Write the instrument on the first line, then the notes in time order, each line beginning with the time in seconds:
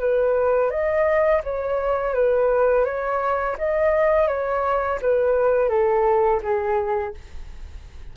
flute
0.00 B4
0.71 D#5
1.44 C#5
2.15 B4
2.85 C#5
3.58 D#5
4.28 C#5
5.02 B4
5.70 A4
6.43 G#4